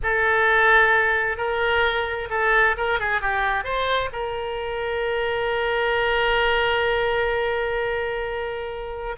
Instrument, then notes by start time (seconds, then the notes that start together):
oboe
0.02 A4
1.37 A#4
2.30 A4
2.77 A#4
2.99 G#4
3.21 G4
3.63 C5
4.12 A#4